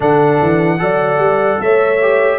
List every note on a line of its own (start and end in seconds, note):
0.00 0.40 D3
0.00 0.78 D4
0.00 0.79 A4
0.00 1.61 F#5
0.41 0.80 E3
0.78 1.18 F#3
0.78 1.98 A4
0.78 1.62 D5
1.18 1.58 G3
1.59 2.38 A3
1.59 2.38 C#5
1.59 2.38 E5
2.01 2.38 G4